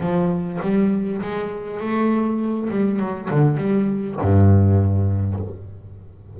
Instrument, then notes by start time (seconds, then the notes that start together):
double bass
0.00 F3
0.62 G3
1.22 G#3
1.80 A3
2.70 G3
2.99 F#3
3.30 D3
3.57 G3
4.21 G2